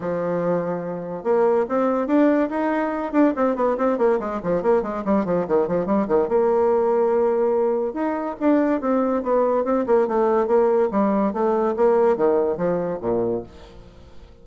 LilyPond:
\new Staff \with { instrumentName = "bassoon" } { \time 4/4 \tempo 4 = 143 f2. ais4 | c'4 d'4 dis'4. d'8 | c'8 b8 c'8 ais8 gis8 f8 ais8 gis8 | g8 f8 dis8 f8 g8 dis8 ais4~ |
ais2. dis'4 | d'4 c'4 b4 c'8 ais8 | a4 ais4 g4 a4 | ais4 dis4 f4 ais,4 | }